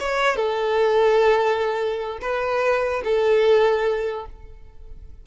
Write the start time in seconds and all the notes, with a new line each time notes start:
0.00 C#5
0.36 A4
2.21 B4
3.04 A4